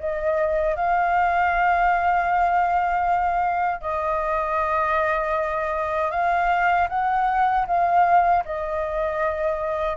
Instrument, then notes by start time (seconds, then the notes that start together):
flute
0.00 D#5
0.76 F5
3.81 D#5
6.12 F5
6.90 F#5
7.67 F5
8.45 D#5